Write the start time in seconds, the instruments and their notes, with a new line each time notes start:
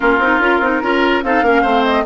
0.00 bassoon A#3, clarinet C#4, oboe F4, flute A#4
0.18 bassoon C4, clarinet D#4
0.39 bassoon C#4, clarinet F4
0.60 bassoon C4, clarinet D#4
0.82 bassoon C#4, clarinet F4, oboe A#4
1.23 bassoon C4, clarinet D#4, oboe A4, flute F5
1.42 bassoon A#3, clarinet C#4, oboe A#4
1.62 bassoon A3, clarinet C4, oboe C5
1.84 flute D#5